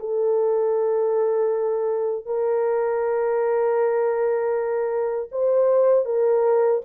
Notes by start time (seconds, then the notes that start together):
0.00 A4
2.26 A#4
5.32 C5
6.06 A#4